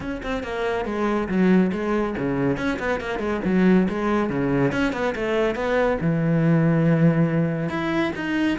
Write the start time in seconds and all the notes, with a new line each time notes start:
0.00 C#4
0.22 C4
0.43 A#3
0.85 G#3
1.28 F#3
1.72 G#3
2.17 C#3
2.57 C#4
2.79 B3
3.00 A#3
3.19 G#3
3.45 F#3
3.88 G#3
4.29 C#3
4.72 C#4
4.92 B3
5.15 A3
5.55 B3
6.00 E3
7.69 E4
8.15 D#4